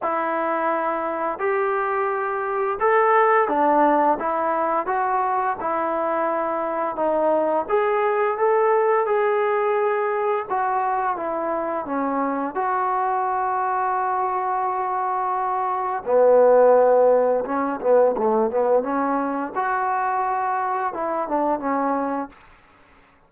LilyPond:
\new Staff \with { instrumentName = "trombone" } { \time 4/4 \tempo 4 = 86 e'2 g'2 | a'4 d'4 e'4 fis'4 | e'2 dis'4 gis'4 | a'4 gis'2 fis'4 |
e'4 cis'4 fis'2~ | fis'2. b4~ | b4 cis'8 b8 a8 b8 cis'4 | fis'2 e'8 d'8 cis'4 | }